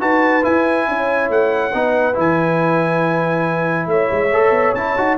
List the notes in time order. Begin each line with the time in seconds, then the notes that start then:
0.00 D#4 F#4 B4 A5
0.42 E4 G#5
0.88 C#4 C#5
1.29 A3 F#5
1.73 B3 D#4 B4
2.14 E3 E4 G#5
3.86 A3 C#5 E5
4.11 G#3
4.32 A3 A4
4.50 B3
4.74 C#4 E4 A5
4.97 D#4 F#4